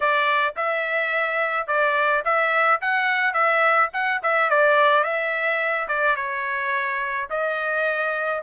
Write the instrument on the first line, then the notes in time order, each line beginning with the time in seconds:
trumpet
0.00 D5
0.56 E5
1.67 D5
2.24 E5
2.81 F#5
3.33 E5
3.93 F#5
4.23 E5
4.50 D5
5.03 E5
5.88 D5
6.16 C#5
7.30 D#5